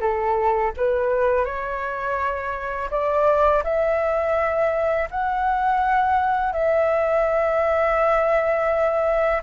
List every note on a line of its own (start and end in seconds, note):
0.00 0.72 A4
0.77 1.45 B4
1.45 2.89 C#5
2.90 3.63 D5
3.64 5.08 E5
5.11 6.52 F#5
6.52 9.41 E5